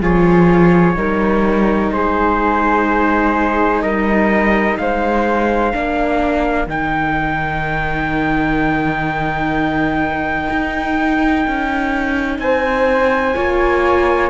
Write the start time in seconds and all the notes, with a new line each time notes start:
0.00 F3 F4 G#4 C#5
0.96 G3 D#4 A#4
1.93 G#3 G#4 C5
3.82 G3 A#4 D#5
4.78 G#3 C5 F5
5.73 A#3 D4 A#4
6.68 D#3 D#4 G5
10.51 D#4
11.48 C#4
12.39 C4 C5 G#5
13.36 A#3 F4 C#5